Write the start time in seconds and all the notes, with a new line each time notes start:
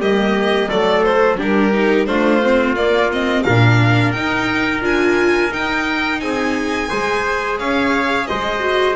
0.00 G3 A#3 G4 D#5
0.69 F#3 A3 A4 D5
1.04 C5
1.37 G3 D4 G4 A#4
1.73 D#4
2.06 A3 D4 F4 C5
2.44 C4
2.76 A#3 D5
3.12 C4 D#5
3.44 A#2 D4 A#4 F5
4.12 D#4 G5
4.81 D4 F4 G#5
5.51 D#4 G5
6.21 C4 G#4 G#5
6.90 G#3 G#4 C5
7.59 C#4 C#5 F5
8.27 G#3 C5 D#5
8.60 F#4